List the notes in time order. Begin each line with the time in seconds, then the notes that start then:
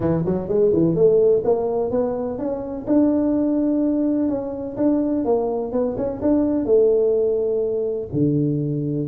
0.00 E3
0.25 F#3
0.48 G#3
0.73 E3
0.95 A3
1.44 A#3
1.90 B3
2.38 C#4
2.87 D4
4.29 C#4
4.77 D4
5.24 A#3
5.72 B3
5.97 C#4
6.21 D4
6.65 A3
8.13 D3